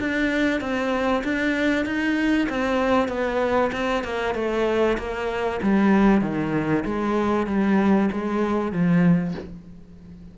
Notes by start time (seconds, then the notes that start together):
0.00 D4
0.61 C4
1.24 D4
1.86 D#4
2.49 C4
3.09 B3
3.72 C4
4.04 A#3
4.35 A3
4.98 A#3
5.62 G3
6.22 D#3
6.85 G#3
7.47 G3
8.12 G#3
8.72 F3